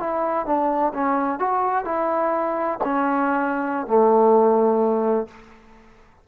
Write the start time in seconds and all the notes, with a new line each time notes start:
0.00 E4
0.46 D4
0.94 C#4
1.40 F#4
1.85 E4
2.84 C#4
3.87 A3